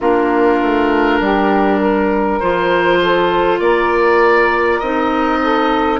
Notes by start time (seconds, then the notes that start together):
0.00 A#3 D4 F4 A#4
0.62 A3
1.20 G3 G4
1.79 A#4
2.39 F3 F4 C5
3.01 A4
3.59 A#3 A#4 D5
4.79 C4 D#4 D#5
5.42 A4